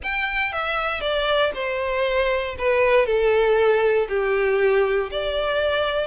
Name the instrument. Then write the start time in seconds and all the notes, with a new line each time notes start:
violin
0.03 G5
0.52 E5
1.01 D5
1.54 C5
2.58 B4
3.06 A4
4.08 G4
5.11 D5